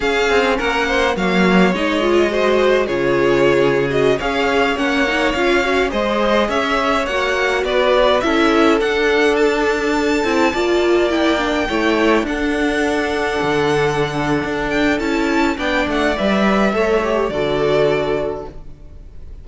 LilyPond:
<<
  \new Staff \with { instrumentName = "violin" } { \time 4/4 \tempo 4 = 104 f''4 fis''4 f''4 dis''4~ | dis''4 cis''4.~ cis''16 dis''8 f''8.~ | f''16 fis''4 f''4 dis''4 e''8.~ | e''16 fis''4 d''4 e''4 fis''8.~ |
fis''16 a''2. g''8.~ | g''4~ g''16 fis''2~ fis''8.~ | fis''4. g''8 a''4 g''8 fis''8 | e''2 d''2 | }
  \new Staff \with { instrumentName = "violin" } { \time 4/4 gis'4 ais'8 c''8 cis''2 | c''4 gis'2~ gis'16 cis''8.~ | cis''2~ cis''16 c''4 cis''8.~ | cis''4~ cis''16 b'4 a'4.~ a'16~ |
a'2~ a'16 d''4.~ d''16~ | d''16 cis''4 a'2~ a'8.~ | a'2. d''4~ | d''4 cis''4 a'2 | }
  \new Staff \with { instrumentName = "viola" } { \time 4/4 cis'2 ais4 dis'8 f'8 | fis'4 f'4.~ f'16 fis'8 gis'8.~ | gis'16 cis'8 dis'8 f'8 fis'8 gis'4.~ gis'16~ | gis'16 fis'2 e'4 d'8.~ |
d'4.~ d'16 e'8 f'4 e'8 d'16~ | d'16 e'4 d'2~ d'8.~ | d'2 e'4 d'4 | b'4 a'8 g'8 fis'2 | }
  \new Staff \with { instrumentName = "cello" } { \time 4/4 cis'8 c'8 ais4 fis4 gis4~ | gis4 cis2~ cis16 cis'8.~ | cis'16 ais4 cis'4 gis4 cis'8.~ | cis'16 ais4 b4 cis'4 d'8.~ |
d'4.~ d'16 c'8 ais4.~ ais16~ | ais16 a4 d'2 d8.~ | d4 d'4 cis'4 b8 a8 | g4 a4 d2 | }
>>